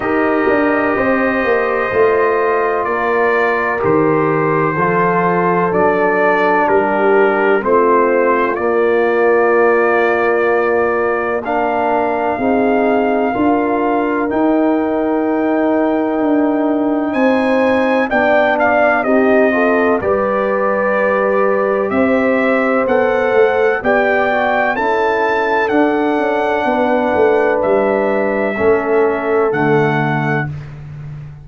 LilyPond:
<<
  \new Staff \with { instrumentName = "trumpet" } { \time 4/4 \tempo 4 = 63 dis''2. d''4 | c''2 d''4 ais'4 | c''4 d''2. | f''2. g''4~ |
g''2 gis''4 g''8 f''8 | dis''4 d''2 e''4 | fis''4 g''4 a''4 fis''4~ | fis''4 e''2 fis''4 | }
  \new Staff \with { instrumentName = "horn" } { \time 4/4 ais'4 c''2 ais'4~ | ais'4 a'2 g'4 | f'1 | ais'4 gis'4 ais'2~ |
ais'2 c''4 d''4 | g'8 a'8 b'2 c''4~ | c''4 d''4 a'2 | b'2 a'2 | }
  \new Staff \with { instrumentName = "trombone" } { \time 4/4 g'2 f'2 | g'4 f'4 d'2 | c'4 ais2. | d'4 dis'4 f'4 dis'4~ |
dis'2. d'4 | dis'8 f'8 g'2. | a'4 g'8 fis'8 e'4 d'4~ | d'2 cis'4 a4 | }
  \new Staff \with { instrumentName = "tuba" } { \time 4/4 dis'8 d'8 c'8 ais8 a4 ais4 | dis4 f4 fis4 g4 | a4 ais2.~ | ais4 c'4 d'4 dis'4~ |
dis'4 d'4 c'4 b4 | c'4 g2 c'4 | b8 a8 b4 cis'4 d'8 cis'8 | b8 a8 g4 a4 d4 | }
>>